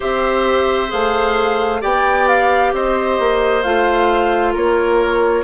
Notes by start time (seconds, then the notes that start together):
0.00 C4 G4 C5 E5
0.88 A3 G#4 F5
1.80 B3 G4 D5 G5
2.27 F5
2.73 C4 C5 D#5
3.19 A#3
3.62 A3 F4 F5
4.52 A#3 A#4 C#5